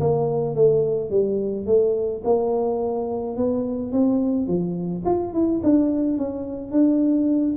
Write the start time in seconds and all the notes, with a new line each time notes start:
0.00 A#3
0.55 A3
1.10 G3
1.66 A3
2.24 A#3
3.36 B3
3.92 C4
4.47 F3
5.05 F4
5.33 E4
5.63 D4
6.18 C#4
6.72 D4